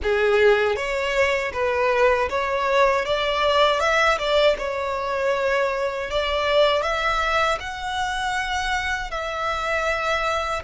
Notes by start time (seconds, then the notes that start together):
0.02 G#4
0.76 C#5
1.52 B4
2.29 C#5
3.05 D5
3.80 E5
4.18 D5
4.58 C#5
6.10 D5
6.82 E5
7.59 F#5
9.10 E5